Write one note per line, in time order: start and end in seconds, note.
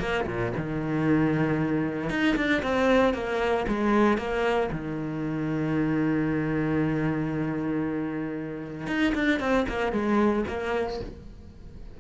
0.00 0.26 A#3
0.27 0.53 A#2
0.57 2.10 D#3
2.10 2.36 D#4
2.36 2.63 D4
2.63 3.14 C4
3.14 3.66 A#3
3.68 4.18 G#3
4.18 4.70 A#3
4.72 8.87 D#3
8.87 9.14 D#4
9.15 9.40 D4
9.40 9.66 C4
9.69 9.93 A#3
9.93 10.45 G#3
10.48 11.00 A#3